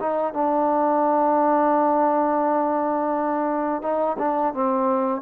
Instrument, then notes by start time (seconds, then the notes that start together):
trombone
0.00 D#4
0.34 D4
3.82 D#4
4.19 D4
4.54 C4